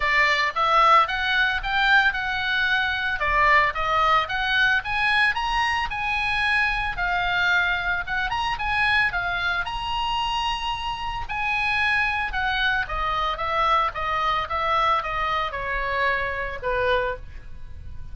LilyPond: \new Staff \with { instrumentName = "oboe" } { \time 4/4 \tempo 4 = 112 d''4 e''4 fis''4 g''4 | fis''2 d''4 dis''4 | fis''4 gis''4 ais''4 gis''4~ | gis''4 f''2 fis''8 ais''8 |
gis''4 f''4 ais''2~ | ais''4 gis''2 fis''4 | dis''4 e''4 dis''4 e''4 | dis''4 cis''2 b'4 | }